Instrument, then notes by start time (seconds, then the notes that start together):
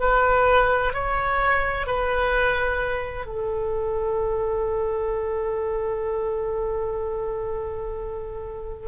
oboe
0.00 B4
0.93 C#5
1.87 B4
3.26 A4